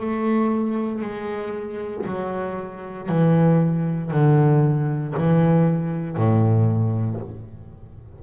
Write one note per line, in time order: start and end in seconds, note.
0.00 1.02 A3
1.02 2.05 G#3
2.05 3.09 F#3
3.09 4.11 E3
4.11 5.14 D3
5.17 6.17 E3
6.17 7.20 A2